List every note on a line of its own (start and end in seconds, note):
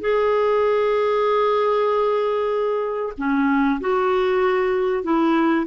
0.00 3.12 G#4
3.17 3.80 C#4
3.80 5.03 F#4
5.03 5.66 E4